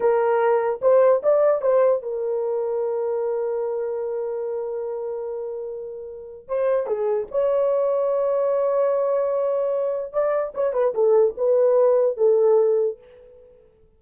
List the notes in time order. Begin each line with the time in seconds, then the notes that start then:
0.00 A#4
0.81 C5
1.23 D5
1.61 C5
2.02 A#4
6.48 C5
6.86 G#4
7.31 C#5
10.12 D5
10.54 C#5
10.73 B4
10.94 A4
11.37 B4
12.17 A4